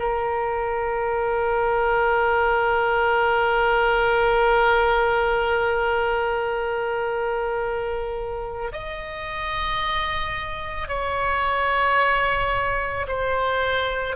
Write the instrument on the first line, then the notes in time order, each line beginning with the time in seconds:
oboe
0.00 A#4
8.73 D#5
10.88 C#5
13.08 C5